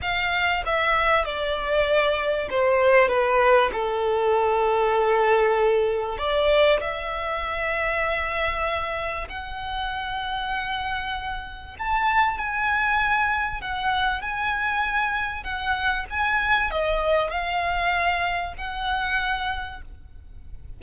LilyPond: \new Staff \with { instrumentName = "violin" } { \time 4/4 \tempo 4 = 97 f''4 e''4 d''2 | c''4 b'4 a'2~ | a'2 d''4 e''4~ | e''2. fis''4~ |
fis''2. a''4 | gis''2 fis''4 gis''4~ | gis''4 fis''4 gis''4 dis''4 | f''2 fis''2 | }